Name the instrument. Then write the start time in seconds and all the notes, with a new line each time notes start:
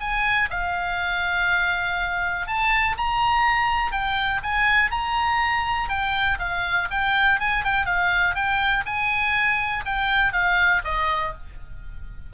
oboe
0.00 G#5
0.50 F5
2.47 A5
2.97 A#5
3.92 G5
4.43 G#5
4.91 A#5
5.89 G5
6.39 F5
6.91 G5
7.40 G#5
7.64 G5
7.86 F5
8.35 G5
8.86 G#5
9.85 G5
10.33 F5
10.84 D#5